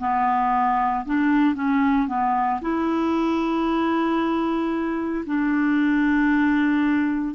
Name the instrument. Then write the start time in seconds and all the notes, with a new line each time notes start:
clarinet
0.00 B3
1.06 D4
1.56 C#4
2.09 B3
2.62 E4
5.27 D4